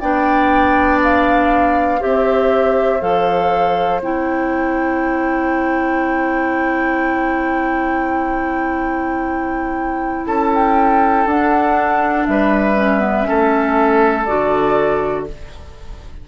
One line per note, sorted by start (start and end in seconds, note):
0.00 2.01 B3
0.00 2.00 D4
0.00 2.00 D5
0.00 1.00 G5
1.03 2.02 F5
2.00 3.01 C4
2.00 3.00 G4
2.00 10.25 C5
2.00 3.01 E5
3.01 4.01 F3
3.01 4.01 A4
3.01 4.01 F5
4.01 10.26 C4
4.01 11.27 E4
4.01 10.26 G5
10.26 11.26 C#4
10.26 12.27 A4
10.26 10.51 A5
10.54 11.28 G5
11.26 12.26 D4
11.26 12.76 D4
11.26 12.25 F#5
12.25 13.28 G3
12.25 13.28 B4
12.25 14.24 E5
12.76 13.00 C#4
13.00 13.23 B3
13.23 14.23 C#4
13.23 15.28 A4
13.30 14.28 A3
14.24 15.28 D3
14.24 15.27 F#4
14.24 15.24 D5